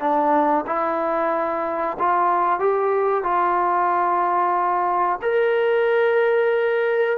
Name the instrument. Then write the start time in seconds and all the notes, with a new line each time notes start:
trombone
0.00 D4
0.67 E4
1.99 F4
2.60 G4
3.24 F4
5.22 A#4